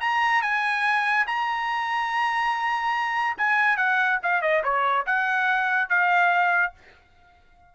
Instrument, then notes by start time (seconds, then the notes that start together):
trumpet
0.00 A#5
0.42 G#5
1.26 A#5
3.37 G#5
3.76 F#5
4.22 F5
4.41 D#5
4.63 C#5
5.06 F#5
5.89 F5